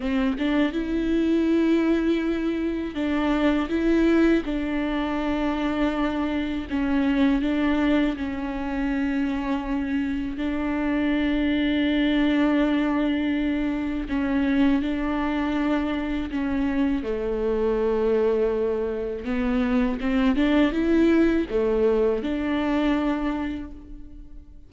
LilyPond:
\new Staff \with { instrumentName = "viola" } { \time 4/4 \tempo 4 = 81 c'8 d'8 e'2. | d'4 e'4 d'2~ | d'4 cis'4 d'4 cis'4~ | cis'2 d'2~ |
d'2. cis'4 | d'2 cis'4 a4~ | a2 b4 c'8 d'8 | e'4 a4 d'2 | }